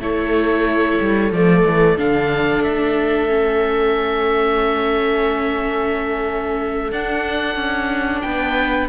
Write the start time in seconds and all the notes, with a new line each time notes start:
0.00 A3 E4 A4 C#5
1.00 G3
1.31 F3 A3 D5
1.65 E3
1.98 D3 D4 F5
2.63 A3 E5
3.28 C#4
6.91 D4 F#5
7.56 C#4
8.21 B3 B4 G5